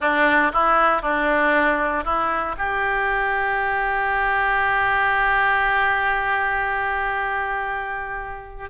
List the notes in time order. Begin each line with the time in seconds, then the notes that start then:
0.00 D4
0.52 E4
1.02 D4
2.04 E4
2.58 G4